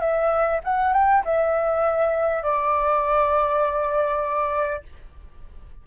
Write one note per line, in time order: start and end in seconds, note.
0.00 0.60 E5
0.64 0.93 F#5
0.93 1.23 G5
1.24 2.43 E5
2.43 4.83 D5